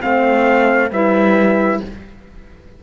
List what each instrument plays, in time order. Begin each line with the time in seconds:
0.00 cello A3, clarinet C4, horn C5, trumpet F5
0.91 cello G3, clarinet E4, horn B4, trumpet E5